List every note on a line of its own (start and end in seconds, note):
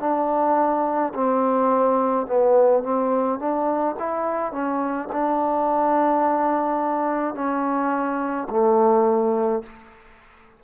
0.00 1.13 D4
1.15 2.27 C4
2.27 2.83 B3
2.83 3.39 C4
3.39 3.96 D4
3.99 4.52 E4
4.52 5.09 C#4
5.13 7.35 D4
7.35 8.48 C#4
8.50 9.63 A3